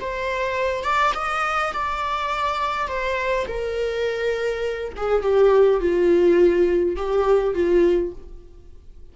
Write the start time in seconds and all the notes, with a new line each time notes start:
0.00 C5
0.83 D5
1.14 D#5
1.73 D5
2.88 C5
3.47 A#4
4.96 G#4
5.22 G4
5.80 F4
6.96 G4
7.54 F4